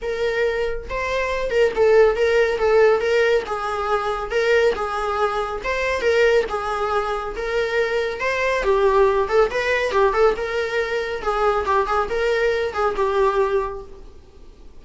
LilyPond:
\new Staff \with { instrumentName = "viola" } { \time 4/4 \tempo 4 = 139 ais'2 c''4. ais'8 | a'4 ais'4 a'4 ais'4 | gis'2 ais'4 gis'4~ | gis'4 c''4 ais'4 gis'4~ |
gis'4 ais'2 c''4 | g'4. a'8 b'4 g'8 a'8 | ais'2 gis'4 g'8 gis'8 | ais'4. gis'8 g'2 | }